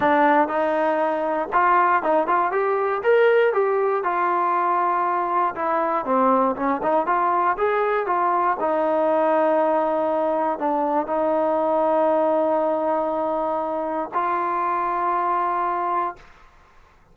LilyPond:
\new Staff \with { instrumentName = "trombone" } { \time 4/4 \tempo 4 = 119 d'4 dis'2 f'4 | dis'8 f'8 g'4 ais'4 g'4 | f'2. e'4 | c'4 cis'8 dis'8 f'4 gis'4 |
f'4 dis'2.~ | dis'4 d'4 dis'2~ | dis'1 | f'1 | }